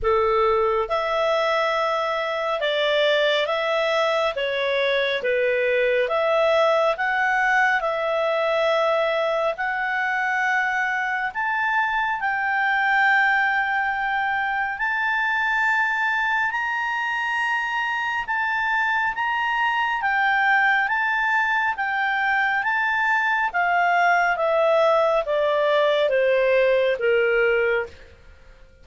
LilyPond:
\new Staff \with { instrumentName = "clarinet" } { \time 4/4 \tempo 4 = 69 a'4 e''2 d''4 | e''4 cis''4 b'4 e''4 | fis''4 e''2 fis''4~ | fis''4 a''4 g''2~ |
g''4 a''2 ais''4~ | ais''4 a''4 ais''4 g''4 | a''4 g''4 a''4 f''4 | e''4 d''4 c''4 ais'4 | }